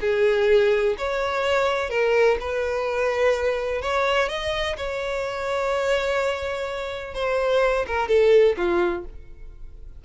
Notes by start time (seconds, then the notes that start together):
0.00 G#4
0.98 C#5
1.89 A#4
2.40 B4
3.81 C#5
4.28 D#5
4.77 C#5
7.14 C5
7.86 A#4
8.08 A4
8.56 F4